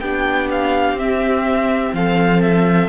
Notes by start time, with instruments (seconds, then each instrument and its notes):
0.00 cello B3, viola D4, violin G4 G5
0.51 violin F5
0.93 cello C4, viola C4
0.99 violin E5
1.93 cello F3, violin A4 F5
2.42 violin E5